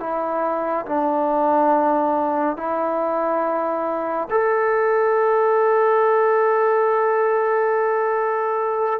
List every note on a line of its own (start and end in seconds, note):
0.00 0.86 E4
0.86 2.57 D4
2.57 4.28 E4
4.31 9.00 A4